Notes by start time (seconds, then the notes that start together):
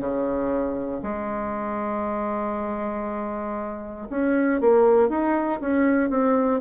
0.00 C#3
1.03 G#3
4.10 C#4
4.60 A#3
5.09 D#4
5.60 C#4
6.10 C4